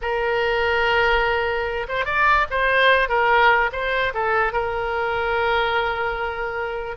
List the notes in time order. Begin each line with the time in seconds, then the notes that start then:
0.01 A#4
1.88 C5
2.05 D5
2.50 C5
3.08 A#4
3.72 C5
4.14 A4
4.52 A#4